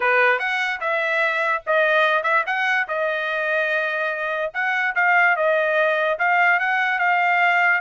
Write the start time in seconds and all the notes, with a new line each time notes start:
0.00 B4
0.39 F#5
0.80 E5
1.66 D#5
2.23 E5
2.46 F#5
2.87 D#5
4.53 F#5
4.95 F5
5.36 D#5
6.18 F5
6.59 F#5
6.99 F5